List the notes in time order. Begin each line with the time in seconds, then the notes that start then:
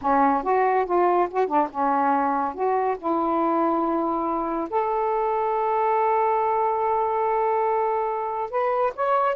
0.01 C#4
0.43 F#4
0.85 F4
1.30 F#4
1.47 D4
1.70 C#4
2.54 F#4
2.98 E4
4.70 A4
8.50 B4
8.95 C#5